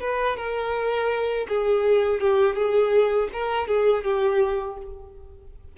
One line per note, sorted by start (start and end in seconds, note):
0.00 0.37 B4
0.37 1.46 A#4
1.48 2.20 G#4
2.20 2.55 G4
2.55 3.29 G#4
3.33 3.68 A#4
3.68 4.04 G#4
4.04 4.77 G4